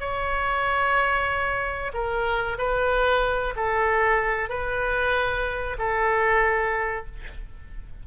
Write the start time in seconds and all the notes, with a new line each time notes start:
0.00 C#5
1.93 A#4
2.58 B4
3.56 A4
4.49 B4
5.78 A4